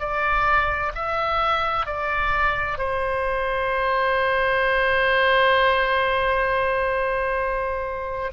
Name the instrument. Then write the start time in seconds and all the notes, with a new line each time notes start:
oboe
0.00 D5
0.95 E5
1.86 D5
2.78 C5